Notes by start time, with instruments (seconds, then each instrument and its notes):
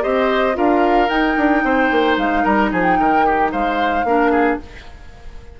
0.00 bassoon C4, clarinet G4, oboe C5, flute D#5
0.53 bassoon D4, clarinet F4, oboe A#4, flute F5
1.09 bassoon D#4, clarinet D#4, flute G5
1.36 bassoon D4
1.63 bassoon C4, oboe C5
1.91 bassoon A#3
2.17 bassoon G#3, flute F5
2.43 bassoon G3, oboe A#4, flute A#5
2.71 bassoon F3, oboe G#4, flute G#5
2.83 flute G5
2.99 bassoon D#3, oboe A#4
3.25 oboe G4
3.51 bassoon G#3, oboe C5, flute F5
4.04 bassoon A#3, clarinet D4, oboe A#4
4.31 oboe G#4